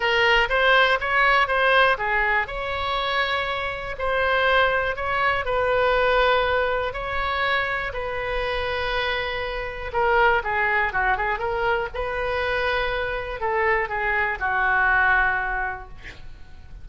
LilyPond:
\new Staff \with { instrumentName = "oboe" } { \time 4/4 \tempo 4 = 121 ais'4 c''4 cis''4 c''4 | gis'4 cis''2. | c''2 cis''4 b'4~ | b'2 cis''2 |
b'1 | ais'4 gis'4 fis'8 gis'8 ais'4 | b'2. a'4 | gis'4 fis'2. | }